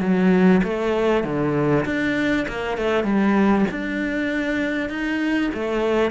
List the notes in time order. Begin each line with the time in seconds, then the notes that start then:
0.00 F#3
0.63 A3
1.23 D3
1.85 D4
2.48 A#3
2.77 A3
3.03 G3
3.71 D4
4.89 D#4
5.54 A3